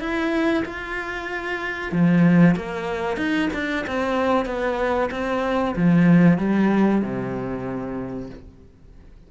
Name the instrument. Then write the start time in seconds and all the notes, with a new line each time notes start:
cello
0.00 E4
0.65 F4
1.92 F3
2.56 A#3
3.17 D#4
3.54 D4
3.87 C4
4.46 B3
5.11 C4
5.76 F3
6.38 G3
7.02 C3